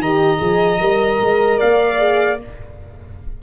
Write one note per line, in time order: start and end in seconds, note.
0.00 0.40 D#3
0.00 0.37 G4
0.00 1.59 D#5
0.00 1.60 A#5
0.37 0.80 F3
0.37 0.77 G#4
0.80 1.20 G3
0.80 1.98 A#4
1.21 1.61 G#3
1.59 2.43 A#3
1.59 2.39 D5
1.59 2.40 F5
1.98 2.38 G#4